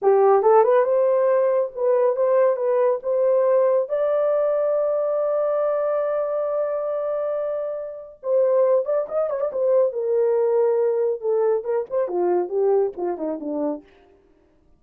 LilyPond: \new Staff \with { instrumentName = "horn" } { \time 4/4 \tempo 4 = 139 g'4 a'8 b'8 c''2 | b'4 c''4 b'4 c''4~ | c''4 d''2.~ | d''1~ |
d''2. c''4~ | c''8 d''8 dis''8 cis''16 d''16 c''4 ais'4~ | ais'2 a'4 ais'8 c''8 | f'4 g'4 f'8 dis'8 d'4 | }